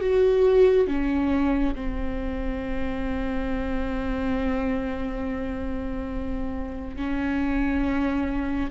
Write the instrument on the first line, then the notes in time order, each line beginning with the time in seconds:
viola
0.00 F#4
0.87 C#4
1.75 C4
6.96 C#4